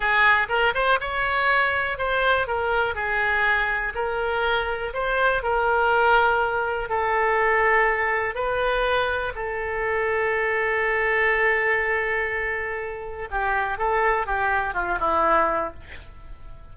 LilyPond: \new Staff \with { instrumentName = "oboe" } { \time 4/4 \tempo 4 = 122 gis'4 ais'8 c''8 cis''2 | c''4 ais'4 gis'2 | ais'2 c''4 ais'4~ | ais'2 a'2~ |
a'4 b'2 a'4~ | a'1~ | a'2. g'4 | a'4 g'4 f'8 e'4. | }